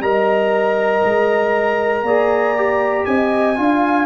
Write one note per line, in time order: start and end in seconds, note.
0.00 1.02 G3
0.00 2.06 A#4
0.00 2.06 D#5
0.00 3.05 A#5
1.04 2.03 G#3
2.03 3.04 A#3
2.03 2.57 G#4
2.03 3.07 D5
2.57 3.56 G4
3.05 3.58 C4
3.05 3.59 D#5
3.05 4.06 G#5
3.56 4.06 D4
3.56 4.06 F4
3.56 4.06 F5